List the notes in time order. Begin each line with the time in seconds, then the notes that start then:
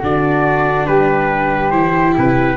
0.00 D3 D4 F#4 D5
0.87 G3 G4 B4
1.71 E3 E4 C5
2.17 C3 B4